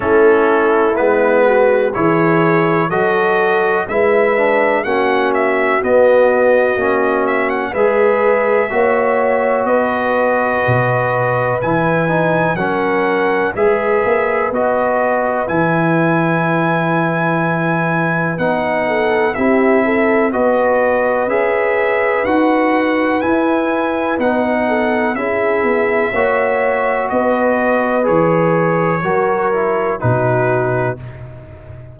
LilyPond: <<
  \new Staff \with { instrumentName = "trumpet" } { \time 4/4 \tempo 4 = 62 a'4 b'4 cis''4 dis''4 | e''4 fis''8 e''8 dis''4. e''16 fis''16 | e''2 dis''2 | gis''4 fis''4 e''4 dis''4 |
gis''2. fis''4 | e''4 dis''4 e''4 fis''4 | gis''4 fis''4 e''2 | dis''4 cis''2 b'4 | }
  \new Staff \with { instrumentName = "horn" } { \time 4/4 e'4. fis'8 gis'4 a'4 | b'4 fis'2. | b'4 cis''4 b'2~ | b'4 ais'4 b'2~ |
b'2.~ b'8 a'8 | g'8 a'8 b'2.~ | b'4. a'8 gis'4 cis''4 | b'2 ais'4 fis'4 | }
  \new Staff \with { instrumentName = "trombone" } { \time 4/4 cis'4 b4 e'4 fis'4 | e'8 d'8 cis'4 b4 cis'4 | gis'4 fis'2. | e'8 dis'8 cis'4 gis'4 fis'4 |
e'2. dis'4 | e'4 fis'4 gis'4 fis'4 | e'4 dis'4 e'4 fis'4~ | fis'4 gis'4 fis'8 e'8 dis'4 | }
  \new Staff \with { instrumentName = "tuba" } { \time 4/4 a4 gis4 e4 fis4 | gis4 ais4 b4 ais4 | gis4 ais4 b4 b,4 | e4 fis4 gis8 ais8 b4 |
e2. b4 | c'4 b4 cis'4 dis'4 | e'4 b4 cis'8 b8 ais4 | b4 e4 fis4 b,4 | }
>>